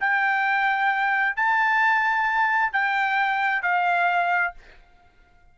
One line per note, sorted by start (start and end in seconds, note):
0.00 1.36 G5
1.36 2.73 A5
2.73 3.62 G5
3.62 4.54 F5